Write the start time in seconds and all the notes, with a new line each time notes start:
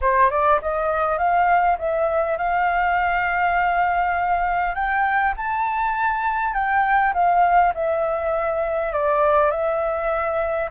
0.01 C5
0.30 D5
0.61 D#5
1.17 F5
1.78 E5
2.37 F5
4.74 G5
5.36 A5
6.53 G5
7.13 F5
7.74 E5
8.93 D5
9.50 E5